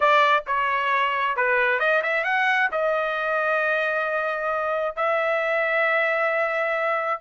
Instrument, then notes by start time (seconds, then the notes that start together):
trumpet
0.00 D5
0.47 C#5
1.36 B4
1.79 D#5
2.02 E5
2.24 F#5
2.71 D#5
4.96 E5